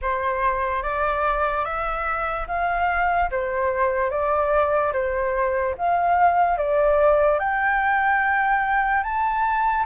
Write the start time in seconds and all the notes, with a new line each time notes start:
0.01 C5
0.83 D5
1.64 E5
2.47 F5
3.30 C5
4.10 D5
4.92 C5
5.77 F5
6.57 D5
7.39 G5
9.03 A5